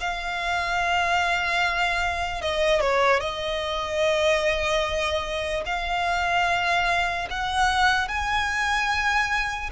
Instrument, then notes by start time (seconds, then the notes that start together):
violin
0.00 F5
2.41 D#5
2.80 C#5
3.20 D#5
5.66 F5
7.30 F#5
8.08 G#5